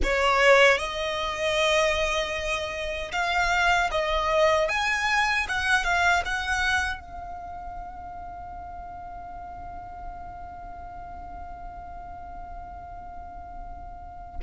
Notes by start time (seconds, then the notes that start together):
0.03 C#5
0.78 D#5
3.12 F5
3.91 D#5
4.69 G#5
5.48 F#5
5.83 F5
6.25 F#5
7.00 F5